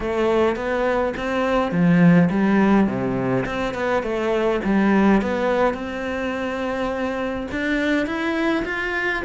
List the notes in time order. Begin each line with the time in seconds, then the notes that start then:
0.00 A3
0.55 B3
1.16 C4
1.71 F3
2.29 G3
2.87 C3
3.45 C4
3.74 B3
4.02 A3
4.64 G3
5.21 B3
5.74 C4
7.51 D4
8.06 E4
8.65 F4